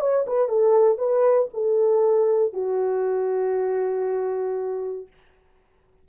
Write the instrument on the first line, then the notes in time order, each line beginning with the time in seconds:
horn
0.00 C#5
0.27 B4
0.48 A4
0.98 B4
1.53 A4
2.53 F#4